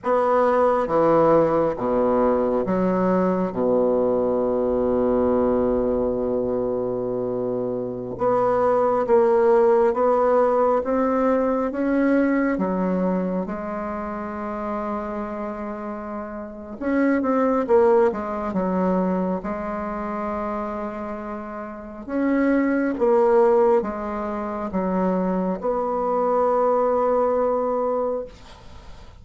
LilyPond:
\new Staff \with { instrumentName = "bassoon" } { \time 4/4 \tempo 4 = 68 b4 e4 b,4 fis4 | b,1~ | b,4~ b,16 b4 ais4 b8.~ | b16 c'4 cis'4 fis4 gis8.~ |
gis2. cis'8 c'8 | ais8 gis8 fis4 gis2~ | gis4 cis'4 ais4 gis4 | fis4 b2. | }